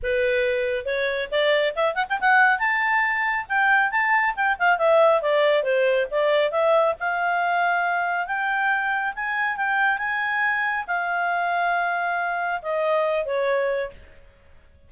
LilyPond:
\new Staff \with { instrumentName = "clarinet" } { \time 4/4 \tempo 4 = 138 b'2 cis''4 d''4 | e''8 fis''16 g''16 fis''4 a''2 | g''4 a''4 g''8 f''8 e''4 | d''4 c''4 d''4 e''4 |
f''2. g''4~ | g''4 gis''4 g''4 gis''4~ | gis''4 f''2.~ | f''4 dis''4. cis''4. | }